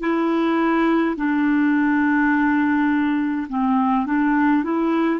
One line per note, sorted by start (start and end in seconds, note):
0.00 1.15 E4
1.16 3.47 D4
3.48 4.06 C4
4.06 4.64 D4
4.64 5.20 E4